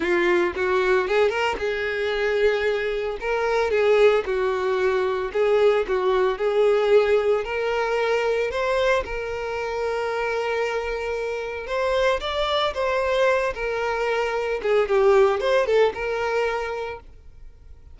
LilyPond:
\new Staff \with { instrumentName = "violin" } { \time 4/4 \tempo 4 = 113 f'4 fis'4 gis'8 ais'8 gis'4~ | gis'2 ais'4 gis'4 | fis'2 gis'4 fis'4 | gis'2 ais'2 |
c''4 ais'2.~ | ais'2 c''4 d''4 | c''4. ais'2 gis'8 | g'4 c''8 a'8 ais'2 | }